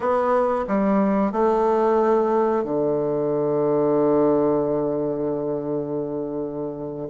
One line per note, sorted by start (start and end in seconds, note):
0.00 0.65 B3
0.67 1.32 G3
1.32 2.63 A3
2.63 7.08 D3